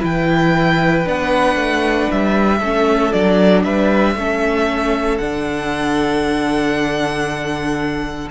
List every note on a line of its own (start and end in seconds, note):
0.00 1.06 E3
0.00 1.03 E4
0.00 2.59 B4
0.00 1.08 G5
1.05 1.56 B3
1.05 2.60 D4
1.05 2.11 F#5
1.56 2.08 A3
2.11 2.60 G3
2.11 3.13 E5
2.59 3.12 A3
2.59 3.13 C#4
2.59 3.63 A4
3.13 3.66 F#3
3.13 4.16 D4
3.13 3.64 D5
3.64 4.15 G3
3.64 4.16 B4
3.64 5.18 E5
4.15 5.19 A3
4.15 5.20 C#4
4.15 8.31 A4
5.18 8.30 D3
5.18 8.31 D4
5.18 8.28 F#5